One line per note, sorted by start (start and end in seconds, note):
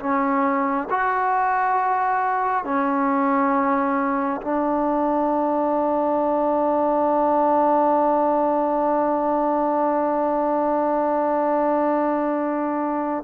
0.00 0.88 C#4
0.90 2.65 F#4
2.65 4.41 C#4
4.42 13.24 D4